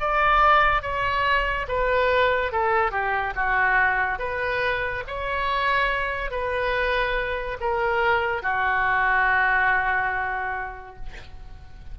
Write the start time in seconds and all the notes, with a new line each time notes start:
0.00 D5
0.82 C#5
1.68 B4
2.52 A4
2.91 G4
3.35 F#4
4.19 B4
5.07 C#5
6.31 B4
7.61 A#4
8.43 F#4